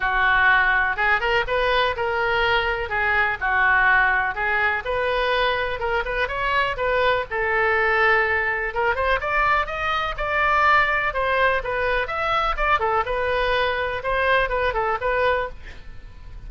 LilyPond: \new Staff \with { instrumentName = "oboe" } { \time 4/4 \tempo 4 = 124 fis'2 gis'8 ais'8 b'4 | ais'2 gis'4 fis'4~ | fis'4 gis'4 b'2 | ais'8 b'8 cis''4 b'4 a'4~ |
a'2 ais'8 c''8 d''4 | dis''4 d''2 c''4 | b'4 e''4 d''8 a'8 b'4~ | b'4 c''4 b'8 a'8 b'4 | }